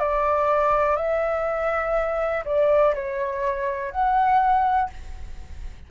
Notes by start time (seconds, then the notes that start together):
0.00 D5
0.97 E5
2.45 D5
2.95 C#5
3.92 F#5